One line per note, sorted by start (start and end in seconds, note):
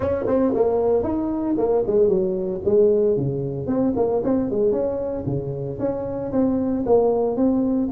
0.00 0.25 C#4
0.26 0.53 C4
0.54 1.03 A#3
1.03 1.55 D#4
1.57 1.83 A#3
1.86 2.08 G#3
2.08 2.61 F#3
2.64 3.17 G#3
3.17 3.67 C#3
3.67 3.93 C4
3.95 4.22 A#3
4.24 4.50 C4
4.50 4.72 G#3
4.72 5.24 C#4
5.25 5.78 C#3
5.79 6.31 C#4
6.32 6.84 C4
6.86 7.36 A#3
7.36 7.89 C4